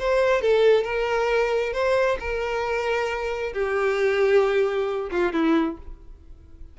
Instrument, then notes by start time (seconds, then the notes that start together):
violin
0.00 C5
0.42 A4
0.84 A#4
1.73 C5
2.20 A#4
3.54 G4
5.11 F4
5.33 E4